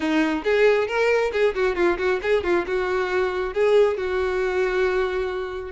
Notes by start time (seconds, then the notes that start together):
0.00 D#4
0.44 G#4
0.87 A#4
1.32 G#4
1.55 F#4
1.75 F4
1.97 F#4
2.22 G#4
2.43 F4
2.67 F#4
3.53 G#4
3.97 F#4